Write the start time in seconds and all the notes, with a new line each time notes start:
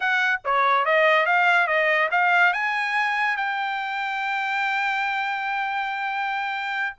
0.00 F#5
0.44 C#5
0.85 D#5
1.26 F5
1.67 D#5
2.11 F5
2.53 G#5
3.36 G5